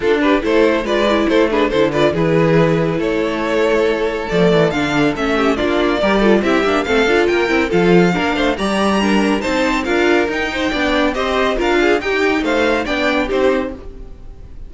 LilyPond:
<<
  \new Staff \with { instrumentName = "violin" } { \time 4/4 \tempo 4 = 140 a'8 b'8 c''4 d''4 c''8 b'8 | c''8 d''8 b'2 cis''4~ | cis''2 d''4 f''4 | e''4 d''2 e''4 |
f''4 g''4 f''2 | ais''2 a''4 f''4 | g''2 dis''4 f''4 | g''4 f''4 g''4 c''4 | }
  \new Staff \with { instrumentName = "violin" } { \time 4/4 f'8 g'8 a'4 b'4 a'8 gis'8 | a'8 b'8 gis'2 a'4~ | a'1~ | a'8 g'8 f'4 ais'8 a'8 g'4 |
a'4 ais'4 a'4 ais'8 c''8 | d''4 ais'4 c''4 ais'4~ | ais'8 c''8 d''4 c''4 ais'8 gis'8 | g'4 c''4 d''4 g'4 | }
  \new Staff \with { instrumentName = "viola" } { \time 4/4 d'4 e'4 f'8 e'4 d'8 | e'8 f'8 e'2.~ | e'2 a4 d'4 | cis'4 d'4 g'8 f'8 e'8 d'8 |
c'8 f'4 e'8 f'4 d'4 | g'4 d'4 dis'4 f'4 | dis'4 d'4 g'4 f'4 | dis'2 d'4 dis'4 | }
  \new Staff \with { instrumentName = "cello" } { \time 4/4 d'4 a4 gis4 a4 | d4 e2 a4~ | a2 f8 e8 d4 | a4 ais4 g4 c'8 ais8 |
a8 d'8 ais8 c'8 f4 ais8 a8 | g2 c'4 d'4 | dis'4 b4 c'4 d'4 | dis'4 a4 b4 c'4 | }
>>